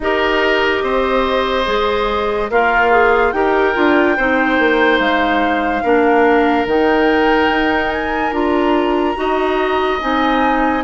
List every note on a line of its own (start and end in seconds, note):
0.00 0.82 D#4
0.00 1.65 G4
0.00 0.83 A#4
0.00 2.51 D#5
0.82 1.66 C4
0.82 2.50 C5
1.65 2.49 G#3
1.65 2.48 G#4
2.49 3.32 A#3
2.49 3.34 F4
2.49 2.91 A#4
2.49 3.32 F5
2.91 3.32 G#4
3.32 3.74 D#4
3.32 3.74 G4
3.32 4.16 A#4
3.32 4.98 G5
3.74 4.18 D4
3.74 4.15 F4
4.16 4.58 C4
4.16 5.83 D#4
4.16 5.83 C5
4.58 4.99 A#3
4.99 5.82 G#3
4.99 6.66 F5
5.83 6.66 A#3
5.83 6.67 D4
5.83 9.16 A#4
6.66 7.49 D#3
6.66 8.32 D#4
6.66 7.91 G5
7.49 8.31 D#4
7.91 8.33 G#5
8.31 9.14 D4
8.31 9.15 F4
8.31 10.00 A#5
9.15 10.00 D#4
9.15 9.98 F#4
9.15 10.84 D#5
10.00 10.84 C4
10.00 10.83 D#4
10.00 10.84 G#5